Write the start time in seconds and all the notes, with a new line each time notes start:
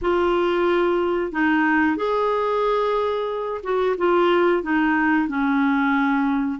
0.01 F4
1.32 D#4
1.96 G#4
3.63 F#4
3.97 F4
4.62 D#4
5.27 C#4